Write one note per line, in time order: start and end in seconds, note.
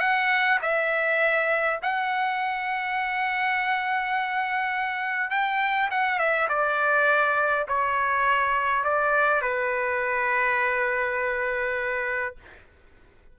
0.00 0.59 F#5
0.62 1.79 E5
1.82 5.30 F#5
5.30 5.89 G5
5.91 6.18 F#5
6.18 6.48 E5
6.49 7.66 D5
7.68 8.84 C#5
8.84 9.41 D5
9.41 12.36 B4